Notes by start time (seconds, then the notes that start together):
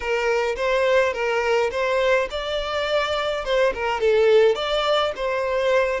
0.00 A#4
0.56 C5
1.13 A#4
1.71 C5
2.30 D5
3.44 C5
3.74 A#4
4.00 A4
4.55 D5
5.16 C5